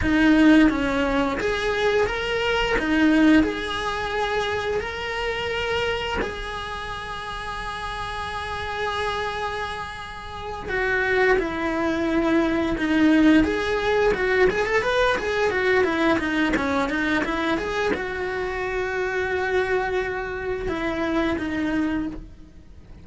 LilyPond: \new Staff \with { instrumentName = "cello" } { \time 4/4 \tempo 4 = 87 dis'4 cis'4 gis'4 ais'4 | dis'4 gis'2 ais'4~ | ais'4 gis'2.~ | gis'2.~ gis'8 fis'8~ |
fis'8 e'2 dis'4 gis'8~ | gis'8 fis'8 gis'16 a'16 b'8 gis'8 fis'8 e'8 dis'8 | cis'8 dis'8 e'8 gis'8 fis'2~ | fis'2 e'4 dis'4 | }